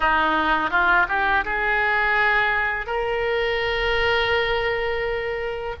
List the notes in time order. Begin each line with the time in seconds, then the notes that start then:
0.00 D#4
0.70 F4
1.08 G4
1.45 G#4
2.86 A#4